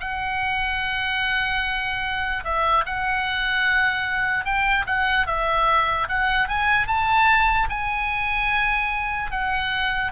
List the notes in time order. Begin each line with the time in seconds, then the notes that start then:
0.00 F#5
2.44 E5
2.85 F#5
4.44 G5
4.86 F#5
5.26 E5
6.08 F#5
6.48 G#5
6.87 A5
7.69 G#5
9.31 F#5